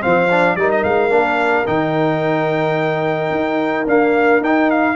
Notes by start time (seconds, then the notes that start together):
0.00 F3 C4 C5 F5
0.30 D4
0.56 G3 D#4 A#4 D5
0.71 D#5
0.83 G#3 F5
1.10 A#3 D4
1.66 D#3 D#4 G5
3.30 D#4
3.86 A#3 D4 F5
4.40 D#4 G5
4.70 F5